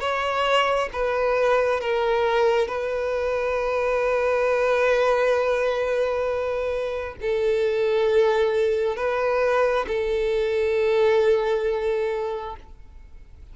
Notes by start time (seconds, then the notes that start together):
0.00 C#5
0.93 B4
1.80 A#4
2.67 B4
7.21 A4
8.96 B4
9.87 A4